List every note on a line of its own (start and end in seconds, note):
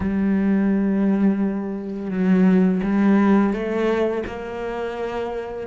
0.00 2.10 G3
2.10 2.81 F#3
2.83 3.53 G3
3.53 4.23 A3
4.26 5.67 A#3